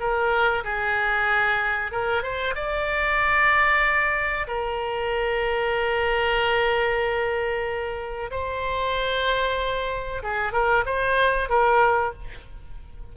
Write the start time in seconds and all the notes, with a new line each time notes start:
0.00 A#4
0.64 G#4
1.92 A#4
2.23 C5
2.55 D5
4.47 A#4
8.31 C5
10.23 G#4
10.53 A#4
10.86 C5
11.49 A#4